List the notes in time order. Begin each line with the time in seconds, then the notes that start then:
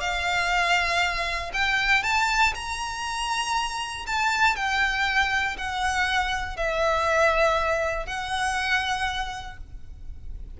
0.00 F5
1.53 G5
2.03 A5
2.54 A#5
4.07 A5
4.56 G5
5.57 F#5
6.56 E5
8.06 F#5